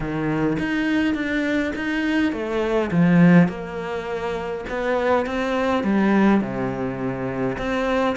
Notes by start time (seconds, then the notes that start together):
0.00 D#3
0.59 D#4
1.14 D4
1.75 D#4
2.32 A3
2.91 F3
3.48 A#3
4.69 B3
5.26 C4
5.83 G3
6.40 C3
7.58 C4